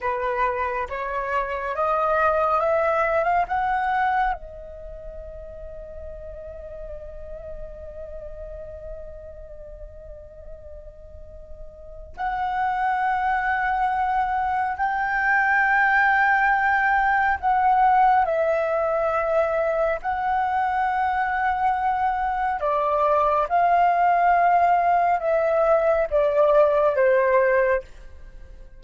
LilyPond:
\new Staff \with { instrumentName = "flute" } { \time 4/4 \tempo 4 = 69 b'4 cis''4 dis''4 e''8. f''16 | fis''4 dis''2.~ | dis''1~ | dis''2 fis''2~ |
fis''4 g''2. | fis''4 e''2 fis''4~ | fis''2 d''4 f''4~ | f''4 e''4 d''4 c''4 | }